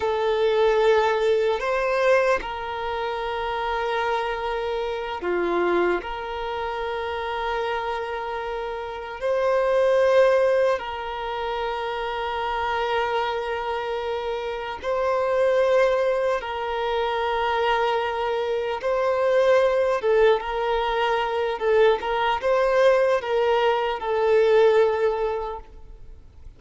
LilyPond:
\new Staff \with { instrumentName = "violin" } { \time 4/4 \tempo 4 = 75 a'2 c''4 ais'4~ | ais'2~ ais'8 f'4 ais'8~ | ais'2.~ ais'8 c''8~ | c''4. ais'2~ ais'8~ |
ais'2~ ais'8 c''4.~ | c''8 ais'2. c''8~ | c''4 a'8 ais'4. a'8 ais'8 | c''4 ais'4 a'2 | }